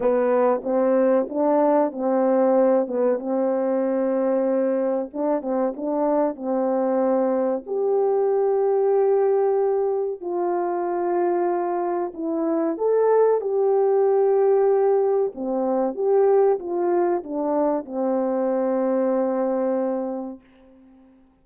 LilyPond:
\new Staff \with { instrumentName = "horn" } { \time 4/4 \tempo 4 = 94 b4 c'4 d'4 c'4~ | c'8 b8 c'2. | d'8 c'8 d'4 c'2 | g'1 |
f'2. e'4 | a'4 g'2. | c'4 g'4 f'4 d'4 | c'1 | }